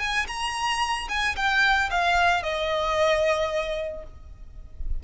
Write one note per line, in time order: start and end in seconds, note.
0.00 0.27 G#5
0.28 1.08 A#5
1.09 1.36 G#5
1.36 1.90 G5
1.91 2.43 F5
2.43 4.04 D#5